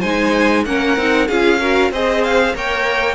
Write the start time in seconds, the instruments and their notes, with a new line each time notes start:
0.00 cello G#3, viola D#4, violin C5 G#5
0.65 cello A#3, viola C#4, violin A#4 F#5
0.96 cello C4, viola D#4
1.28 cello C#4, viola F4, violin G#4 F5
1.59 viola F#4, violin A#4
1.91 cello C4, viola G#4, violin C5 D#5
2.24 violin F5
2.54 cello A#3, viola A#4, violin C#5 G5